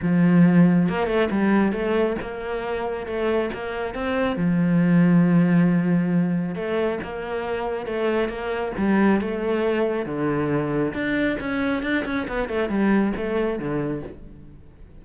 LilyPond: \new Staff \with { instrumentName = "cello" } { \time 4/4 \tempo 4 = 137 f2 ais8 a8 g4 | a4 ais2 a4 | ais4 c'4 f2~ | f2. a4 |
ais2 a4 ais4 | g4 a2 d4~ | d4 d'4 cis'4 d'8 cis'8 | b8 a8 g4 a4 d4 | }